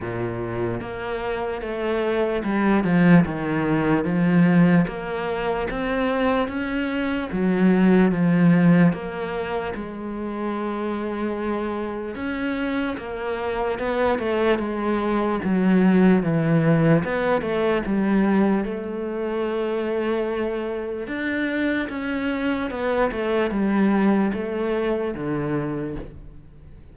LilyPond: \new Staff \with { instrumentName = "cello" } { \time 4/4 \tempo 4 = 74 ais,4 ais4 a4 g8 f8 | dis4 f4 ais4 c'4 | cis'4 fis4 f4 ais4 | gis2. cis'4 |
ais4 b8 a8 gis4 fis4 | e4 b8 a8 g4 a4~ | a2 d'4 cis'4 | b8 a8 g4 a4 d4 | }